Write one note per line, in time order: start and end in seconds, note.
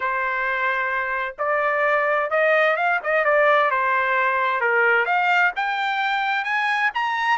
0.00 1.35 C5
1.38 2.30 D5
2.30 2.76 D#5
2.76 2.99 F5
3.03 3.24 D#5
3.24 3.70 D5
3.70 4.60 C5
4.60 5.05 A#4
5.05 5.51 F5
5.56 6.44 G5
6.44 6.90 G#5
6.94 7.38 A#5